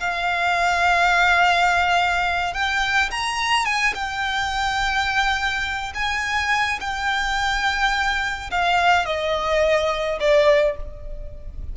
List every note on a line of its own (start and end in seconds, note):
0.00 2.53 F5
2.53 3.10 G5
3.11 3.65 A#5
3.65 3.93 G#5
3.94 5.93 G5
5.94 6.79 G#5
6.80 8.50 G5
8.51 9.06 F5
9.06 10.19 D#5
10.20 10.76 D5